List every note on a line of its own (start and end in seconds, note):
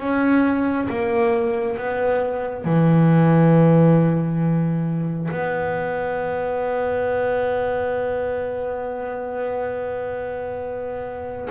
0.00 0.88 C#4
0.89 1.78 A#3
1.78 2.65 B3
2.65 5.29 E3
5.31 11.49 B3